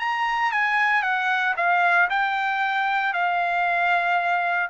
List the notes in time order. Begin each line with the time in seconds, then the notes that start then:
0.00 A#5
0.52 G#5
1.03 F#5
1.57 F5
2.10 G5
3.14 F5